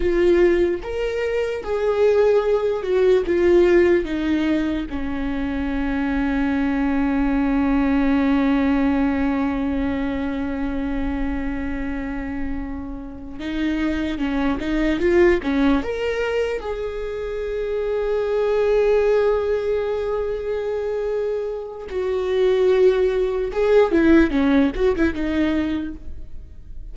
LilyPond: \new Staff \with { instrumentName = "viola" } { \time 4/4 \tempo 4 = 74 f'4 ais'4 gis'4. fis'8 | f'4 dis'4 cis'2~ | cis'1~ | cis'1~ |
cis'8 dis'4 cis'8 dis'8 f'8 cis'8 ais'8~ | ais'8 gis'2.~ gis'8~ | gis'2. fis'4~ | fis'4 gis'8 e'8 cis'8 fis'16 e'16 dis'4 | }